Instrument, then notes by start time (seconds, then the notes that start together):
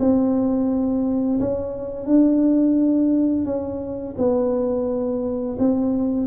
tuba
0.00 C4
1.40 C#4
2.06 D4
3.45 C#4
4.18 B3
5.59 C4